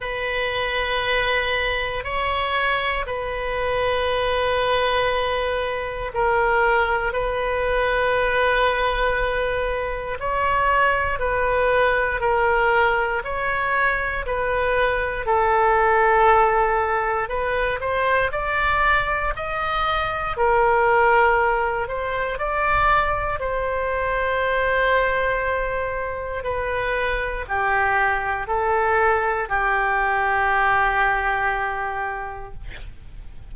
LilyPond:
\new Staff \with { instrumentName = "oboe" } { \time 4/4 \tempo 4 = 59 b'2 cis''4 b'4~ | b'2 ais'4 b'4~ | b'2 cis''4 b'4 | ais'4 cis''4 b'4 a'4~ |
a'4 b'8 c''8 d''4 dis''4 | ais'4. c''8 d''4 c''4~ | c''2 b'4 g'4 | a'4 g'2. | }